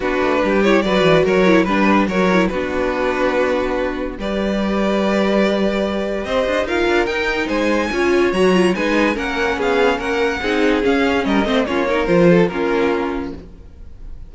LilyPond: <<
  \new Staff \with { instrumentName = "violin" } { \time 4/4 \tempo 4 = 144 b'4. cis''8 d''4 cis''4 | b'4 cis''4 b'2~ | b'2 d''2~ | d''2. dis''4 |
f''4 g''4 gis''2 | ais''4 gis''4 fis''4 f''4 | fis''2 f''4 dis''4 | cis''4 c''4 ais'2 | }
  \new Staff \with { instrumentName = "violin" } { \time 4/4 fis'4 g'4 b'4 ais'4 | b'4 ais'4 fis'2~ | fis'2 b'2~ | b'2. c''4 |
ais'2 c''4 cis''4~ | cis''4 b'4 ais'4 gis'4 | ais'4 gis'2 ais'8 c''8 | f'8 ais'4 a'8 f'2 | }
  \new Staff \with { instrumentName = "viola" } { \time 4/4 d'4. e'8 fis'4. e'8 | d'4 fis'8 e'8 d'2~ | d'2 g'2~ | g'1 |
f'4 dis'2 f'4 | fis'8 f'8 dis'4 cis'2~ | cis'4 dis'4 cis'4. c'8 | cis'8 dis'8 f'4 cis'2 | }
  \new Staff \with { instrumentName = "cello" } { \time 4/4 b8 a8 g4 fis8 e8 fis4 | g4 fis4 b2~ | b2 g2~ | g2. c'8 d'8 |
dis'8 d'8 dis'4 gis4 cis'4 | fis4 gis4 ais4 b4 | ais4 c'4 cis'4 g8 a8 | ais4 f4 ais2 | }
>>